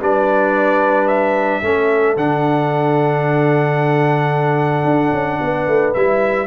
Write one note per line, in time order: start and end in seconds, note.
0.00 1.62 G3
0.00 1.63 D4
0.00 1.63 B4
0.00 1.08 D5
1.08 2.16 E5
1.62 2.16 A3
1.62 2.17 C#4
1.62 5.42 A4
2.16 4.85 D3
2.16 5.96 D4
2.16 5.94 F#5
4.85 5.12 D4
5.12 5.40 C#4
5.41 5.68 B3
5.41 6.48 B4
5.68 5.95 A3
5.94 6.48 G3
5.94 6.48 E4
5.94 6.48 E5